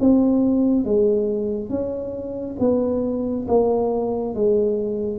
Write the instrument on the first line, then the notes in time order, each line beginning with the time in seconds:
tuba
0.00 C4
0.85 G#3
1.70 C#4
2.60 B3
3.48 A#3
4.35 G#3